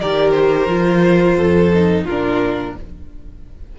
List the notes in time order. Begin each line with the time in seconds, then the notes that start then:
0.00 D#3 G4 A#4 D5
0.31 C5
0.67 F3 F4
1.36 F2 A4
1.73 D#4
2.04 A#2 D4 F4 A#4